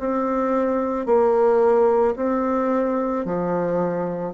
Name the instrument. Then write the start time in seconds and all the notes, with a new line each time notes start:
bassoon
0.00 C4
1.06 A#3
2.16 C4
3.25 F3